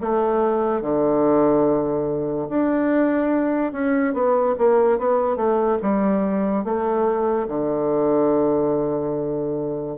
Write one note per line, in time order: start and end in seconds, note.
0.00 0.81 A3
0.81 2.48 D3
2.49 3.72 D4
3.72 4.13 C#4
4.13 4.55 B3
4.58 4.98 A#3
4.98 5.36 B3
5.36 5.78 A3
5.82 6.64 G3
6.64 7.47 A3
7.48 9.97 D3